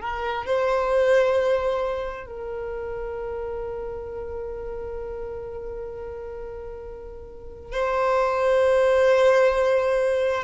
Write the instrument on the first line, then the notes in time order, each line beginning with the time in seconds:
violin
0.00 A#4
0.45 C5
2.26 A#4
7.72 C5